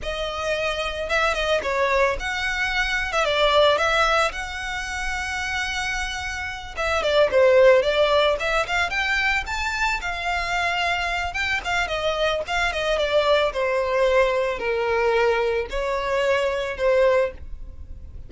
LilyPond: \new Staff \with { instrumentName = "violin" } { \time 4/4 \tempo 4 = 111 dis''2 e''8 dis''8 cis''4 | fis''4.~ fis''16 e''16 d''4 e''4 | fis''1~ | fis''8 e''8 d''8 c''4 d''4 e''8 |
f''8 g''4 a''4 f''4.~ | f''4 g''8 f''8 dis''4 f''8 dis''8 | d''4 c''2 ais'4~ | ais'4 cis''2 c''4 | }